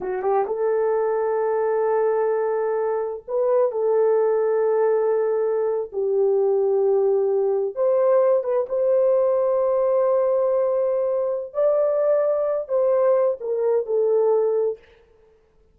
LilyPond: \new Staff \with { instrumentName = "horn" } { \time 4/4 \tempo 4 = 130 fis'8 g'8 a'2.~ | a'2. b'4 | a'1~ | a'8. g'2.~ g'16~ |
g'8. c''4. b'8 c''4~ c''16~ | c''1~ | c''4 d''2~ d''8 c''8~ | c''4 ais'4 a'2 | }